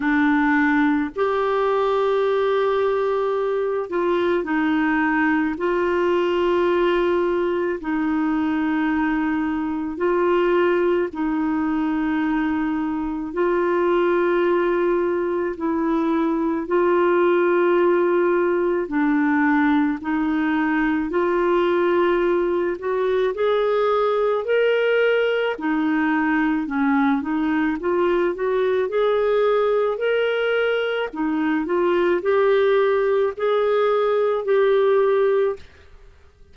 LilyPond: \new Staff \with { instrumentName = "clarinet" } { \time 4/4 \tempo 4 = 54 d'4 g'2~ g'8 f'8 | dis'4 f'2 dis'4~ | dis'4 f'4 dis'2 | f'2 e'4 f'4~ |
f'4 d'4 dis'4 f'4~ | f'8 fis'8 gis'4 ais'4 dis'4 | cis'8 dis'8 f'8 fis'8 gis'4 ais'4 | dis'8 f'8 g'4 gis'4 g'4 | }